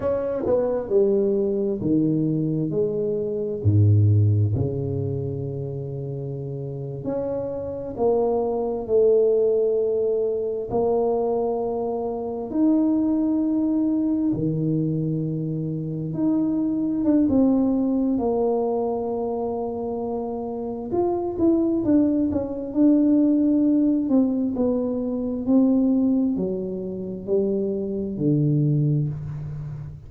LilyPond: \new Staff \with { instrumentName = "tuba" } { \time 4/4 \tempo 4 = 66 cis'8 b8 g4 dis4 gis4 | gis,4 cis2~ cis8. cis'16~ | cis'8. ais4 a2 ais16~ | ais4.~ ais16 dis'2 dis16~ |
dis4.~ dis16 dis'4 d'16 c'4 | ais2. f'8 e'8 | d'8 cis'8 d'4. c'8 b4 | c'4 fis4 g4 d4 | }